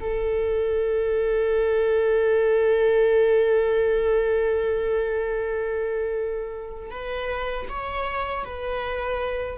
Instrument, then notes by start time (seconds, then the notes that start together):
viola
0.00 A4
6.91 B4
7.69 C#5
8.44 B4